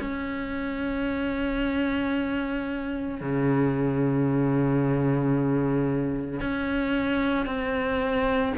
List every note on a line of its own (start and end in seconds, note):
0.00 3.21 C#4
3.21 6.40 C#3
6.40 7.46 C#4
7.46 8.53 C4